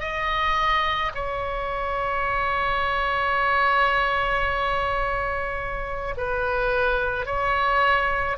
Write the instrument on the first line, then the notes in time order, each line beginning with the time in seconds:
oboe
0.00 D#5
1.14 C#5
6.17 B4
7.26 C#5